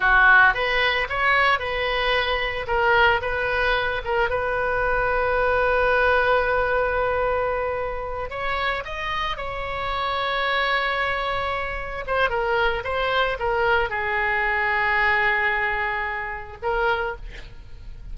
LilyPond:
\new Staff \with { instrumentName = "oboe" } { \time 4/4 \tempo 4 = 112 fis'4 b'4 cis''4 b'4~ | b'4 ais'4 b'4. ais'8 | b'1~ | b'2.~ b'8 cis''8~ |
cis''8 dis''4 cis''2~ cis''8~ | cis''2~ cis''8 c''8 ais'4 | c''4 ais'4 gis'2~ | gis'2. ais'4 | }